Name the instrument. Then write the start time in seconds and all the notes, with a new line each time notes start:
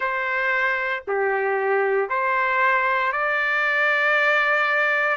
trumpet
0.00 C5
1.07 G4
2.09 C5
3.12 D5